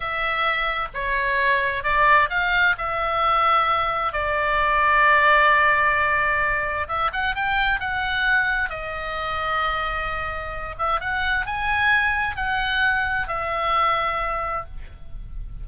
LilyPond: \new Staff \with { instrumentName = "oboe" } { \time 4/4 \tempo 4 = 131 e''2 cis''2 | d''4 f''4 e''2~ | e''4 d''2.~ | d''2. e''8 fis''8 |
g''4 fis''2 dis''4~ | dis''2.~ dis''8 e''8 | fis''4 gis''2 fis''4~ | fis''4 e''2. | }